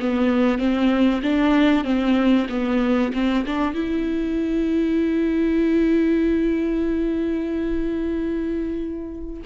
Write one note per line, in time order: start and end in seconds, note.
0.00 0.58 B3
0.58 1.21 C4
1.23 1.84 D4
1.84 2.47 C4
2.49 3.12 B3
3.13 3.45 C4
3.46 3.74 D4
3.74 9.43 E4